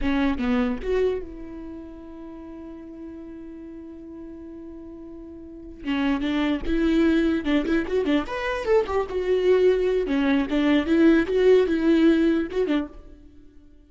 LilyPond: \new Staff \with { instrumentName = "viola" } { \time 4/4 \tempo 4 = 149 cis'4 b4 fis'4 e'4~ | e'1~ | e'1~ | e'2~ e'8 cis'4 d'8~ |
d'8 e'2 d'8 e'8 fis'8 | d'8 b'4 a'8 g'8 fis'4.~ | fis'4 cis'4 d'4 e'4 | fis'4 e'2 fis'8 d'8 | }